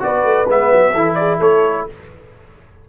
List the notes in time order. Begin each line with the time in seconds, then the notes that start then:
0.00 B3 F#4 B4 D5
0.24 A3
0.48 G#3 B3 E5
0.72 F#3
0.94 E3 E4 A4
1.15 G#4 D5
1.40 A3 A4 C#5